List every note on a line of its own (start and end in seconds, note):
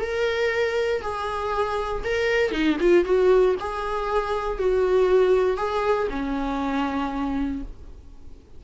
0.00 1.01 A#4
1.01 2.03 G#4
2.04 2.51 A#4
2.51 2.77 D#4
2.80 3.04 F4
3.04 3.55 F#4
3.60 4.58 G#4
4.58 5.57 F#4
5.57 6.07 G#4
6.09 7.62 C#4